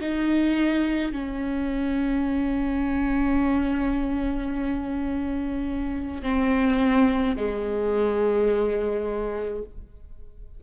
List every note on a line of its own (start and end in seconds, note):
0.00 1.12 D#4
1.12 6.22 C#4
6.22 7.35 C4
7.36 9.62 G#3